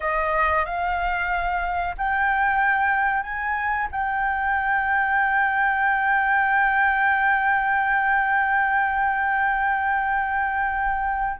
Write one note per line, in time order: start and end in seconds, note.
0.00 0.65 D#5
0.65 1.95 F5
1.97 3.23 G5
3.23 3.88 G#5
3.91 11.39 G5